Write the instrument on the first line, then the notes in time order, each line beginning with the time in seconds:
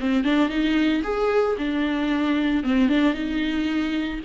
viola
0.00 C4
0.24 D4
0.49 D#4
1.04 G#4
1.58 D4
2.64 C4
2.89 D4
3.14 D#4